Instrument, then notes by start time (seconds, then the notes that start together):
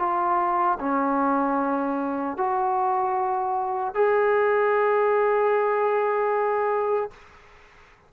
trombone
0.00 F4
0.80 C#4
2.38 F#4
3.95 G#4